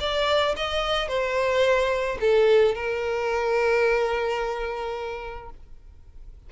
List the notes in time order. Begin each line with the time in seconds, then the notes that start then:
0.00 D5
0.56 D#5
1.08 C5
2.20 A4
2.74 A#4